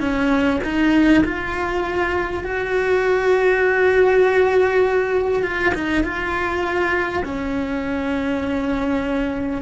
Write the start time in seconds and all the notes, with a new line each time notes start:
0.00 C#4
0.63 D#4
1.24 F4
2.44 F#4
5.43 F4
5.74 D#4
6.03 F4
7.24 C#4